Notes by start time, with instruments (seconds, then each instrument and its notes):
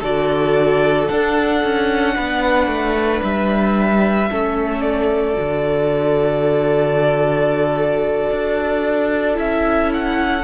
0.00 cello D3, viola F#4, violin A4 D5
1.08 cello D4, viola D4, violin F#5
1.64 cello C#4
2.15 cello B3, violin B4
2.67 cello A3
3.23 cello G3, violin E5
4.29 cello A3, viola C#4, violin A4
4.81 violin D5
5.34 cello D3, viola F#4
8.31 cello D4
9.34 cello C#4, viola E4, violin E5
9.94 violin F#5